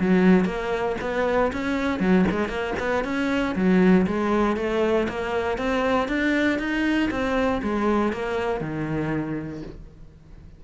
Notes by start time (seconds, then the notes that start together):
0.00 F#3
0.45 A#3
1.01 B3
1.53 C#4
2.00 F#3
2.31 G#3
2.49 A#3
2.80 B3
3.05 C#4
3.55 F#3
4.07 G#3
4.57 A3
5.09 A#3
5.58 C4
6.08 D4
6.59 D#4
7.11 C4
7.63 G#3
8.13 A#3
8.61 D#3